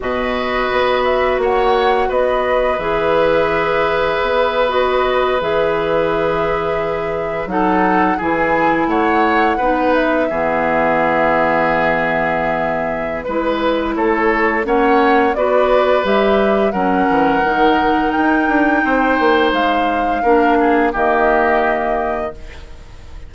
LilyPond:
<<
  \new Staff \with { instrumentName = "flute" } { \time 4/4 \tempo 4 = 86 dis''4. e''8 fis''4 dis''4 | e''2~ e''8. dis''4 e''16~ | e''2~ e''8. fis''4 gis''16~ | gis''8. fis''4. e''4.~ e''16~ |
e''2. b'4 | cis''4 fis''4 d''4 e''4 | fis''2 g''2 | f''2 dis''2 | }
  \new Staff \with { instrumentName = "oboe" } { \time 4/4 b'2 cis''4 b'4~ | b'1~ | b'2~ b'8. a'4 gis'16~ | gis'8. cis''4 b'4 gis'4~ gis'16~ |
gis'2. b'4 | a'4 cis''4 b'2 | ais'2. c''4~ | c''4 ais'8 gis'8 g'2 | }
  \new Staff \with { instrumentName = "clarinet" } { \time 4/4 fis'1 | gis'2~ gis'8. fis'4 gis'16~ | gis'2~ gis'8. dis'4 e'16~ | e'4.~ e'16 dis'4 b4~ b16~ |
b2. e'4~ | e'4 cis'4 fis'4 g'4 | cis'4 dis'2.~ | dis'4 d'4 ais2 | }
  \new Staff \with { instrumentName = "bassoon" } { \time 4/4 b,4 b4 ais4 b4 | e2 b4.~ b16 e16~ | e2~ e8. fis4 e16~ | e8. a4 b4 e4~ e16~ |
e2. gis4 | a4 ais4 b4 g4 | fis8 e8 dis4 dis'8 d'8 c'8 ais8 | gis4 ais4 dis2 | }
>>